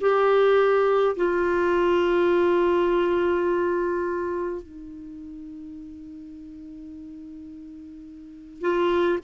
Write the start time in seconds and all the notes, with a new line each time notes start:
0.00 G4
1.16 F4
4.62 D#4
8.61 F4